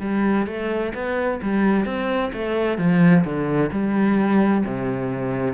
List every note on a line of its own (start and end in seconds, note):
0.00 0.46 G3
0.47 0.93 A3
0.94 1.40 B3
1.42 1.85 G3
1.85 2.31 C4
2.32 2.78 A3
2.78 3.24 F3
3.24 3.70 D3
3.71 4.64 G3
4.65 5.53 C3